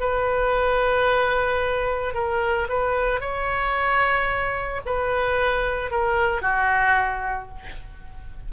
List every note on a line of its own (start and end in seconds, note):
0.00 2.14 B4
2.14 2.67 A#4
2.69 3.20 B4
3.20 4.81 C#5
4.86 5.91 B4
5.91 6.41 A#4
6.41 7.49 F#4